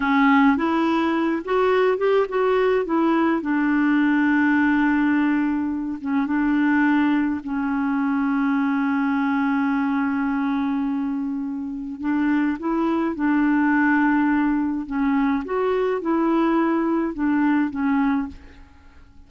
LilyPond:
\new Staff \with { instrumentName = "clarinet" } { \time 4/4 \tempo 4 = 105 cis'4 e'4. fis'4 g'8 | fis'4 e'4 d'2~ | d'2~ d'8 cis'8 d'4~ | d'4 cis'2.~ |
cis'1~ | cis'4 d'4 e'4 d'4~ | d'2 cis'4 fis'4 | e'2 d'4 cis'4 | }